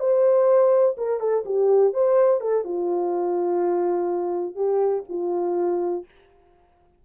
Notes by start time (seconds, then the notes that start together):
0.00 C5
0.98 A#4
1.20 A4
1.45 G4
1.94 C5
2.40 A4
2.64 F4
4.55 G4
5.09 F4